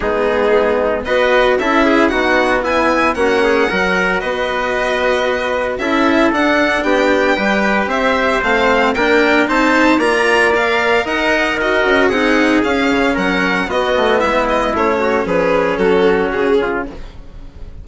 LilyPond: <<
  \new Staff \with { instrumentName = "violin" } { \time 4/4 \tempo 4 = 114 gis'2 dis''4 e''4 | fis''4 gis''4 fis''2 | dis''2. e''4 | fis''4 g''2 e''4 |
f''4 g''4 a''4 ais''4 | f''4 fis''4 dis''4 fis''4 | f''4 fis''4 dis''4 e''8 dis''8 | cis''4 b'4 a'4 gis'4 | }
  \new Staff \with { instrumentName = "trumpet" } { \time 4/4 dis'2 b'4 a'8 gis'8 | fis'4 e'4 fis'8 gis'8 ais'4 | b'2. a'4~ | a'4 g'4 b'4 c''4~ |
c''4 ais'4 c''4 d''4~ | d''4 dis''4 ais'4 gis'4~ | gis'4 ais'4 fis'4 e'4~ | e'8 fis'8 gis'4 fis'4. f'8 | }
  \new Staff \with { instrumentName = "cello" } { \time 4/4 b2 fis'4 e'4 | b2 cis'4 fis'4~ | fis'2. e'4 | d'2 g'2 |
c'4 d'4 dis'4 f'4 | ais'2 fis'4 dis'4 | cis'2 b2 | cis'1 | }
  \new Staff \with { instrumentName = "bassoon" } { \time 4/4 gis2 b4 cis'4 | dis'4 e'4 ais4 fis4 | b2. cis'4 | d'4 b4 g4 c'4 |
a4 ais4 c'4 ais4~ | ais4 dis'4. cis'8 c'4 | cis'8 cis8 fis4 b8 a8 gis4 | a4 f4 fis4 cis4 | }
>>